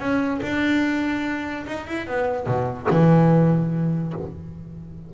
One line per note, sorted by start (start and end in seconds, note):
0.00 0.41 C#4
0.43 1.66 D4
1.67 1.88 D#4
1.88 2.07 E4
2.07 2.47 B3
2.47 2.88 B2
2.91 4.14 E3